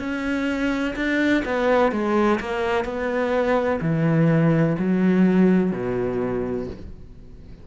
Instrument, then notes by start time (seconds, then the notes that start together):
cello
0.00 C#4
0.96 D4
1.46 B3
1.92 G#3
2.41 A#3
2.85 B3
3.82 E3
4.79 F#3
5.72 B2